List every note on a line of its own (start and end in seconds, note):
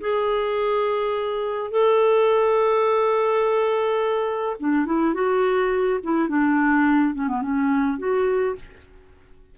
0.00 1.70 G#4
1.70 4.56 A4
4.59 4.85 D4
4.85 5.14 E4
5.14 5.99 F#4
6.03 6.28 E4
6.28 7.14 D4
7.14 7.28 C#4
7.28 7.41 B3
7.41 7.98 C#4
7.98 8.55 F#4